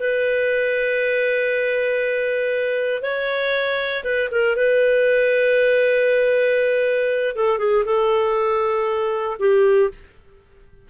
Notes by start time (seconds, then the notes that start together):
0.00 B4
3.02 C#5
4.04 B4
4.31 A#4
4.56 B4
7.36 A4
7.59 G#4
7.85 A4
9.40 G4